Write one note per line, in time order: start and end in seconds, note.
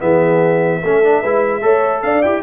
0.00 0.83 E3
0.00 0.81 B3
0.00 0.83 G#4
0.00 2.03 E5
0.84 1.23 A3
0.84 1.04 C#4
0.84 1.22 A4
1.04 1.24 D4
1.22 1.63 G#3
1.22 1.62 E4
1.22 1.63 B4
1.62 2.04 A3
1.62 2.23 A4
1.62 2.04 C#5
2.03 2.24 D4
2.03 2.44 D5
2.03 2.22 F5
2.22 2.44 E4
2.22 2.44 G4
2.22 2.43 G5